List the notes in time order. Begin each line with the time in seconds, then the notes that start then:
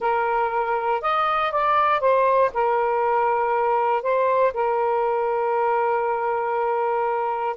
0.00 A#4
1.01 D#5
1.51 D5
2.00 C5
2.53 A#4
4.02 C5
4.53 A#4